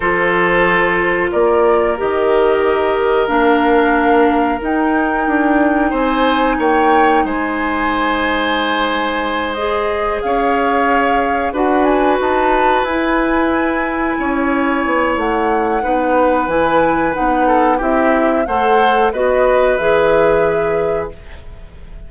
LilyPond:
<<
  \new Staff \with { instrumentName = "flute" } { \time 4/4 \tempo 4 = 91 c''2 d''4 dis''4~ | dis''4 f''2 g''4~ | g''4 gis''4 g''4 gis''4~ | gis''2~ gis''8 dis''4 f''8~ |
f''4. fis''8 gis''8 a''4 gis''8~ | gis''2. fis''4~ | fis''4 gis''4 fis''4 e''4 | fis''4 dis''4 e''2 | }
  \new Staff \with { instrumentName = "oboe" } { \time 4/4 a'2 ais'2~ | ais'1~ | ais'4 c''4 cis''4 c''4~ | c''2.~ c''8 cis''8~ |
cis''4. b'2~ b'8~ | b'4. cis''2~ cis''8 | b'2~ b'8 a'8 g'4 | c''4 b'2. | }
  \new Staff \with { instrumentName = "clarinet" } { \time 4/4 f'2. g'4~ | g'4 d'2 dis'4~ | dis'1~ | dis'2~ dis'8 gis'4.~ |
gis'4. fis'2 e'8~ | e'1 | dis'4 e'4 dis'4 e'4 | a'4 fis'4 gis'2 | }
  \new Staff \with { instrumentName = "bassoon" } { \time 4/4 f2 ais4 dis4~ | dis4 ais2 dis'4 | d'4 c'4 ais4 gis4~ | gis2.~ gis8 cis'8~ |
cis'4. d'4 dis'4 e'8~ | e'4. cis'4 b8 a4 | b4 e4 b4 c'4 | a4 b4 e2 | }
>>